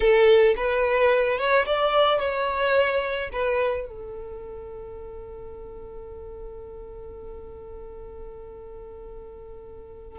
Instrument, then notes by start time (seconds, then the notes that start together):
violin
0.00 A4
0.56 B4
1.38 C#5
1.65 D5
2.19 C#5
3.32 B4
3.87 A4